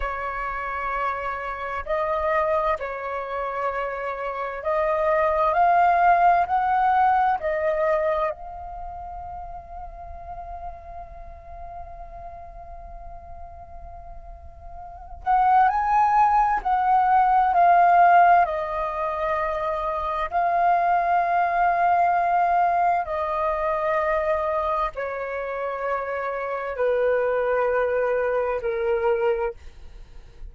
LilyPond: \new Staff \with { instrumentName = "flute" } { \time 4/4 \tempo 4 = 65 cis''2 dis''4 cis''4~ | cis''4 dis''4 f''4 fis''4 | dis''4 f''2.~ | f''1~ |
f''8 fis''8 gis''4 fis''4 f''4 | dis''2 f''2~ | f''4 dis''2 cis''4~ | cis''4 b'2 ais'4 | }